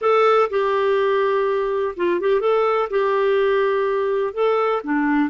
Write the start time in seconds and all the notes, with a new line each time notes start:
0.01 A4
0.49 G4
1.96 F4
2.20 G4
2.40 A4
2.90 G4
4.33 A4
4.83 D4